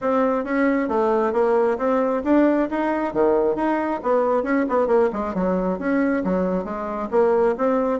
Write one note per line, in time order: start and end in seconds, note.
0.01 0.44 C4
0.44 0.88 C#4
0.88 1.33 A3
1.33 1.77 A#3
1.78 2.22 C4
2.24 2.68 D4
2.70 3.13 D#4
3.13 3.55 D#3
3.55 4.00 D#4
4.02 4.43 B3
4.43 4.65 C#4
4.68 4.87 B3
4.87 5.09 A#3
5.13 5.34 G#3
5.34 5.78 F#3
5.79 6.23 C#4
6.24 6.64 F#3
6.64 7.08 G#3
7.10 7.55 A#3
7.57 7.99 C4